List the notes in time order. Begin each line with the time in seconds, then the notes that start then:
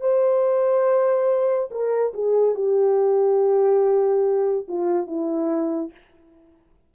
0.00 C5
1.70 A#4
2.13 G#4
2.55 G4
4.68 F4
5.06 E4